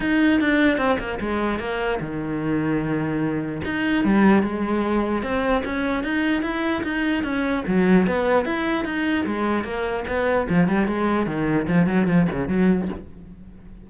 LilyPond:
\new Staff \with { instrumentName = "cello" } { \time 4/4 \tempo 4 = 149 dis'4 d'4 c'8 ais8 gis4 | ais4 dis2.~ | dis4 dis'4 g4 gis4~ | gis4 c'4 cis'4 dis'4 |
e'4 dis'4 cis'4 fis4 | b4 e'4 dis'4 gis4 | ais4 b4 f8 g8 gis4 | dis4 f8 fis8 f8 cis8 fis4 | }